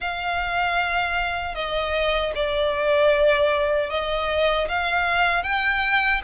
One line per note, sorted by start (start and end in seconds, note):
0.00 1.54 F5
1.54 2.32 D#5
2.35 3.90 D5
3.90 4.68 D#5
4.68 5.43 F5
5.43 6.21 G5